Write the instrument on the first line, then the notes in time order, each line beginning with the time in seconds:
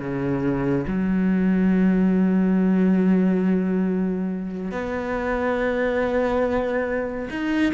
cello
0.00 C#3
0.88 F#3
4.72 B3
7.31 D#4